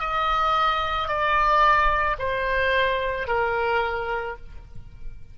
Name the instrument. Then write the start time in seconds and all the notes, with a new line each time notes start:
oboe
0.00 D#5
1.08 D5
2.19 C5
3.27 A#4